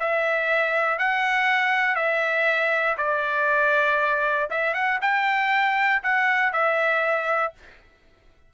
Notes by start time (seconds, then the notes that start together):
0.00 E5
0.99 F#5
1.96 E5
2.98 D5
4.50 E5
4.74 F#5
5.02 G5
6.03 F#5
6.53 E5